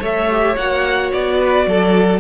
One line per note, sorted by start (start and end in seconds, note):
0.00 0.56 A3
0.00 0.29 A4
0.00 1.36 C#5
0.00 0.57 E5
0.30 0.57 G4
0.57 1.12 A#3
0.57 2.20 F#4
0.57 1.11 F#5
1.12 1.66 B3
1.12 2.20 D5
1.39 1.66 B4
1.66 2.20 F#3
1.66 2.20 A4